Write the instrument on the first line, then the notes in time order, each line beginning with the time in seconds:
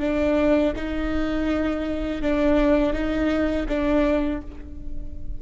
viola
0.00 D4
0.76 D#4
2.22 D4
2.93 D#4
3.68 D4